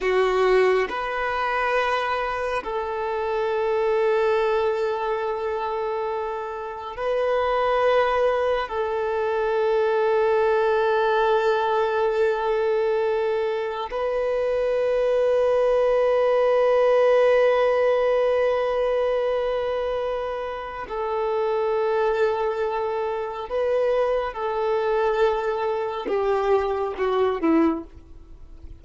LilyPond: \new Staff \with { instrumentName = "violin" } { \time 4/4 \tempo 4 = 69 fis'4 b'2 a'4~ | a'1 | b'2 a'2~ | a'1 |
b'1~ | b'1 | a'2. b'4 | a'2 g'4 fis'8 e'8 | }